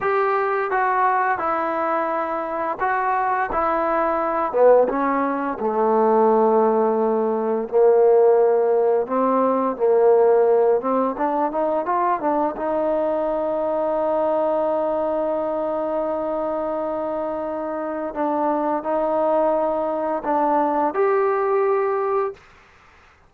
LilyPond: \new Staff \with { instrumentName = "trombone" } { \time 4/4 \tempo 4 = 86 g'4 fis'4 e'2 | fis'4 e'4. b8 cis'4 | a2. ais4~ | ais4 c'4 ais4. c'8 |
d'8 dis'8 f'8 d'8 dis'2~ | dis'1~ | dis'2 d'4 dis'4~ | dis'4 d'4 g'2 | }